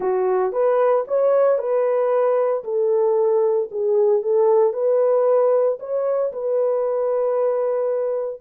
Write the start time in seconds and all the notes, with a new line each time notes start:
0.00 F#4
0.52 B4
1.07 C#5
1.58 B4
2.64 A4
3.71 G#4
4.22 A4
4.73 B4
5.79 C#5
6.32 B4